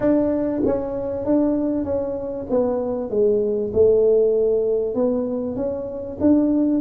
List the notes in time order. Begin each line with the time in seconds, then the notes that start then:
0.00 D4
0.65 C#4
1.25 D4
1.84 C#4
2.50 B3
3.09 G#3
3.73 A3
4.95 B3
5.56 C#4
6.20 D4